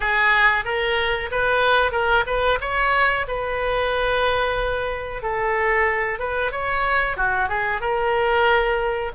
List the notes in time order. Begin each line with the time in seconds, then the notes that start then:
0.00 G#4
0.64 A#4
1.31 B4
1.91 A#4
2.26 B4
2.61 C#5
3.27 B4
5.22 A4
6.19 B4
6.51 C#5
7.17 F#4
7.48 G#4
7.81 A#4